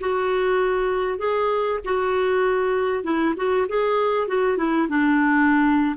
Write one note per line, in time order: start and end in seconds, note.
0.00 1.19 F#4
1.19 1.80 G#4
1.85 3.04 F#4
3.04 3.34 E4
3.36 3.67 F#4
3.68 4.27 G#4
4.27 4.57 F#4
4.57 4.88 E4
4.88 5.96 D4